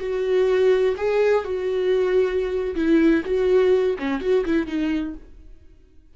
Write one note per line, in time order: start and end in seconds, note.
0.00 0.95 F#4
0.97 1.44 G#4
1.44 2.75 F#4
2.76 3.23 E4
3.25 3.97 F#4
3.99 4.21 C#4
4.21 4.45 F#4
4.46 4.67 E4
4.67 5.15 D#4